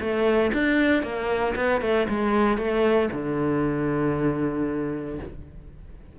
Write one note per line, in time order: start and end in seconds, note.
0.00 0.52 A3
0.53 1.03 D4
1.03 1.54 A#3
1.56 1.81 B3
1.81 2.07 A3
2.09 2.57 G#3
2.57 3.09 A3
3.12 5.19 D3